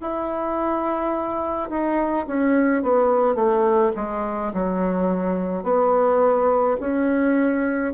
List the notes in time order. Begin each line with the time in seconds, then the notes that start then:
0.00 E4
1.70 D#4
2.27 C#4
2.83 B3
3.35 A3
3.96 G#3
4.53 F#3
5.63 B3
6.80 C#4